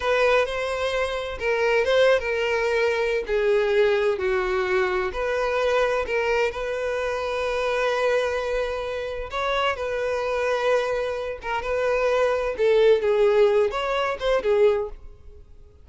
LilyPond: \new Staff \with { instrumentName = "violin" } { \time 4/4 \tempo 4 = 129 b'4 c''2 ais'4 | c''8. ais'2~ ais'16 gis'4~ | gis'4 fis'2 b'4~ | b'4 ais'4 b'2~ |
b'1 | cis''4 b'2.~ | b'8 ais'8 b'2 a'4 | gis'4. cis''4 c''8 gis'4 | }